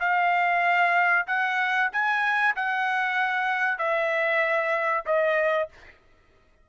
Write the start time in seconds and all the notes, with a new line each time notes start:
0.00 F5
1.27 F#5
1.92 G#5
2.56 F#5
3.78 E5
5.06 D#5